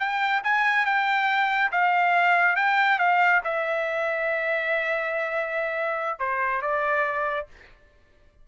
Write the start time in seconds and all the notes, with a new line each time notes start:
0.00 G5
0.44 G#5
0.86 G5
1.72 F5
2.57 G5
2.99 F5
3.44 E5
6.20 C5
6.62 D5